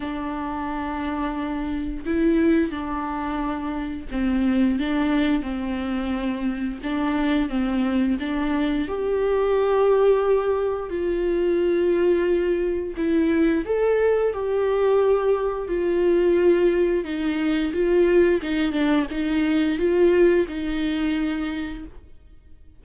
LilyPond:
\new Staff \with { instrumentName = "viola" } { \time 4/4 \tempo 4 = 88 d'2. e'4 | d'2 c'4 d'4 | c'2 d'4 c'4 | d'4 g'2. |
f'2. e'4 | a'4 g'2 f'4~ | f'4 dis'4 f'4 dis'8 d'8 | dis'4 f'4 dis'2 | }